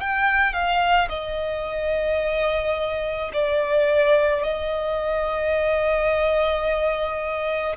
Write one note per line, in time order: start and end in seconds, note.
0.00 0.53 G5
0.53 1.09 F5
1.09 3.31 D#5
3.33 4.43 D5
4.43 7.76 D#5